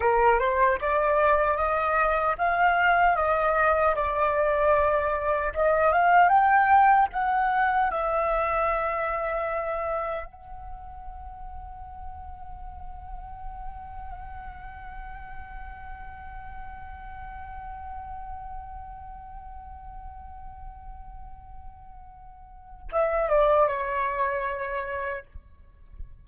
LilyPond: \new Staff \with { instrumentName = "flute" } { \time 4/4 \tempo 4 = 76 ais'8 c''8 d''4 dis''4 f''4 | dis''4 d''2 dis''8 f''8 | g''4 fis''4 e''2~ | e''4 fis''2.~ |
fis''1~ | fis''1~ | fis''1~ | fis''4 e''8 d''8 cis''2 | }